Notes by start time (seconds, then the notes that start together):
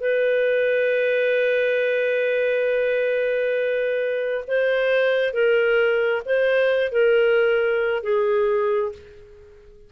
0.00 B4
4.47 C5
5.33 A#4
6.25 C5
6.92 A#4
8.03 G#4